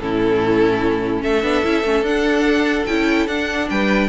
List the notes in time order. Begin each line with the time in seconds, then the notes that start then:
0.00 A2 C#4 E4 A4
1.23 A3 A4 E5
1.43 B3 D4
1.64 C#4 E4
1.84 A3 C#4
2.02 D4 F#5
2.86 C#4 E4 G5
3.28 D4 F#5
3.70 G3 B4 G5